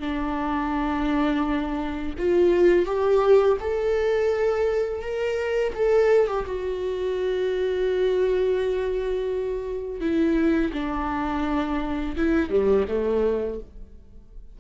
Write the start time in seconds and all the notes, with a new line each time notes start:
0.00 D4
2.19 F4
2.86 G4
3.60 A4
5.02 A#4
5.75 A4
6.28 G4
6.46 F#4
10.01 E4
10.73 D4
12.17 E4
12.50 G3
12.89 A3